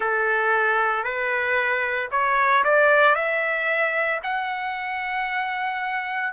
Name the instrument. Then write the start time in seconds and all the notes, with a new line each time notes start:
trumpet
0.00 A4
1.03 B4
2.11 C#5
2.64 D5
3.15 E5
4.23 F#5